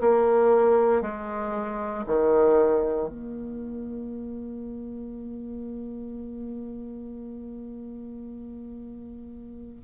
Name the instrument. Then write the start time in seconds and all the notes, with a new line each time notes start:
bassoon
0.00 A#3
1.01 G#3
2.06 D#3
3.08 A#3